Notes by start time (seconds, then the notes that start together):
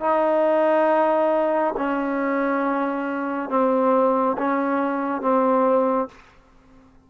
0.00 D#4
1.77 C#4
3.49 C4
4.38 C#4
5.21 C4